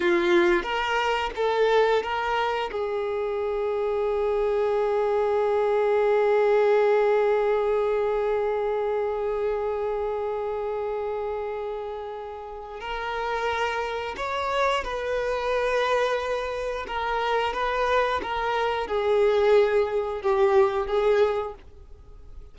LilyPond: \new Staff \with { instrumentName = "violin" } { \time 4/4 \tempo 4 = 89 f'4 ais'4 a'4 ais'4 | gis'1~ | gis'1~ | gis'1~ |
gis'2. ais'4~ | ais'4 cis''4 b'2~ | b'4 ais'4 b'4 ais'4 | gis'2 g'4 gis'4 | }